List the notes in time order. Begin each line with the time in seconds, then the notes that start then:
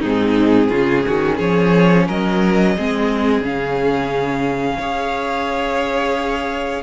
0.00 G#2 C4 D#4 G#4
0.69 C#3 C#4 F4
1.07 D#3 F#4
1.36 F3 G#4 C#5
2.07 F#3 A#4 D#5
2.76 G#3 C4 G#4
3.41 C#3 C#4 F5
4.78 C#4 G#4 C#5